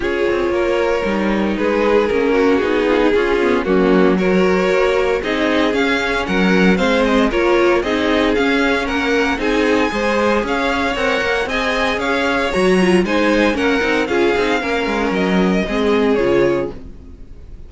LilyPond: <<
  \new Staff \with { instrumentName = "violin" } { \time 4/4 \tempo 4 = 115 cis''2. b'4 | ais'4 gis'2 fis'4 | cis''2 dis''4 f''4 | fis''4 f''8 dis''8 cis''4 dis''4 |
f''4 fis''4 gis''2 | f''4 fis''4 gis''4 f''4 | ais''4 gis''4 fis''4 f''4~ | f''4 dis''2 cis''4 | }
  \new Staff \with { instrumentName = "violin" } { \time 4/4 gis'4 ais'2 gis'4~ | gis'8 fis'4 f'16 dis'16 f'4 cis'4 | ais'2 gis'2 | ais'4 c''4 ais'4 gis'4~ |
gis'4 ais'4 gis'4 c''4 | cis''2 dis''4 cis''4~ | cis''4 c''4 ais'4 gis'4 | ais'2 gis'2 | }
  \new Staff \with { instrumentName = "viola" } { \time 4/4 f'2 dis'2 | cis'4 dis'4 cis'8 b8 ais4 | fis'2 dis'4 cis'4~ | cis'4 c'4 f'4 dis'4 |
cis'2 dis'4 gis'4~ | gis'4 ais'4 gis'2 | fis'8 f'8 dis'4 cis'8 dis'8 f'8 dis'8 | cis'2 c'4 f'4 | }
  \new Staff \with { instrumentName = "cello" } { \time 4/4 cis'8 c'8 ais4 g4 gis4 | ais4 b4 cis'4 fis4~ | fis4 ais4 c'4 cis'4 | fis4 gis4 ais4 c'4 |
cis'4 ais4 c'4 gis4 | cis'4 c'8 ais8 c'4 cis'4 | fis4 gis4 ais8 c'8 cis'8 c'8 | ais8 gis8 fis4 gis4 cis4 | }
>>